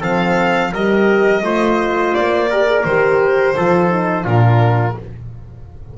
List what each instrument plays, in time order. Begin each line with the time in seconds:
0.00 double bass F3, horn C4, trumpet A4, violin F5
0.72 double bass G3, horn G4, trumpet A#4, violin D#5
1.42 double bass A3, horn F4, trumpet C5
2.14 double bass A#3, violin D5
2.50 horn G4, trumpet A#4
2.65 horn G#4
2.84 double bass D#3, horn G4, violin C5
3.56 double bass F3, horn F4, trumpet A4
3.90 horn D#4
4.22 double bass A#2, horn D4, trumpet F4, violin A#4